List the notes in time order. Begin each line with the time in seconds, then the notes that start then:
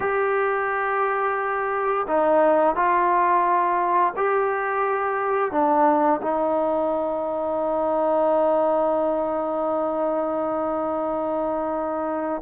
0.00 G4
2.07 D#4
2.75 F4
4.16 G4
5.51 D4
6.21 D#4